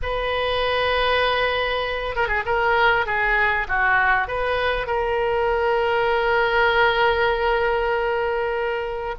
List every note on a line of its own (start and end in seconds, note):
0.02 2.15 B4
2.15 2.28 A#4
2.28 2.43 G#4
2.45 3.06 A#4
3.06 3.67 G#4
3.67 4.27 F#4
4.27 4.86 B4
4.86 9.15 A#4